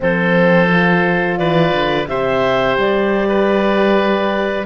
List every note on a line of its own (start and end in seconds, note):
0.00 1.39 F3
0.00 0.69 C4
0.00 1.39 A4
0.00 1.37 C5
0.69 2.07 F4
1.37 1.73 E3
1.37 2.08 B4
1.37 2.06 D5
1.73 2.08 D3
2.08 2.77 C3
2.08 4.66 G4
2.08 3.28 C5
2.08 2.77 E5
2.77 4.66 G3
2.77 4.66 D5
3.28 4.66 B4